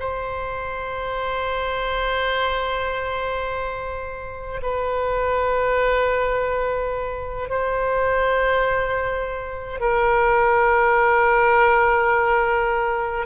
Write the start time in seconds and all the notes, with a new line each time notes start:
0.00 C5
4.62 B4
7.49 C5
9.80 A#4